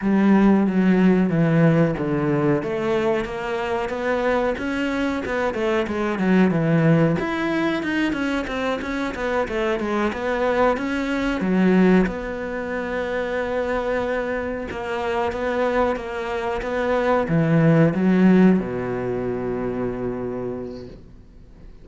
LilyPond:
\new Staff \with { instrumentName = "cello" } { \time 4/4 \tempo 4 = 92 g4 fis4 e4 d4 | a4 ais4 b4 cis'4 | b8 a8 gis8 fis8 e4 e'4 | dis'8 cis'8 c'8 cis'8 b8 a8 gis8 b8~ |
b8 cis'4 fis4 b4.~ | b2~ b8 ais4 b8~ | b8 ais4 b4 e4 fis8~ | fis8 b,2.~ b,8 | }